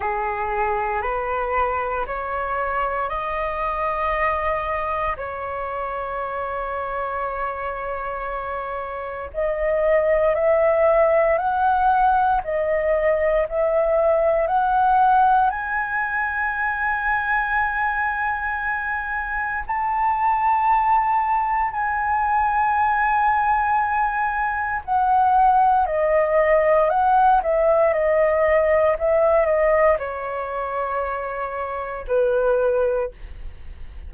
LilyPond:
\new Staff \with { instrumentName = "flute" } { \time 4/4 \tempo 4 = 58 gis'4 b'4 cis''4 dis''4~ | dis''4 cis''2.~ | cis''4 dis''4 e''4 fis''4 | dis''4 e''4 fis''4 gis''4~ |
gis''2. a''4~ | a''4 gis''2. | fis''4 dis''4 fis''8 e''8 dis''4 | e''8 dis''8 cis''2 b'4 | }